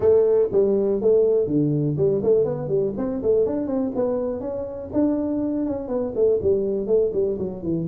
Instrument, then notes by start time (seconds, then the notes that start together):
tuba
0.00 A3
0.51 G3
1.01 A3
1.46 D3
1.97 G3
2.22 A3
2.45 B3
2.68 G3
2.97 C4
3.22 A3
3.46 D4
3.66 C4
3.95 B3
4.40 C#4
4.92 D4
5.66 C#4
5.88 B3
6.15 A3
6.42 G3
6.86 A3
7.13 G3
7.38 F#3
7.63 E3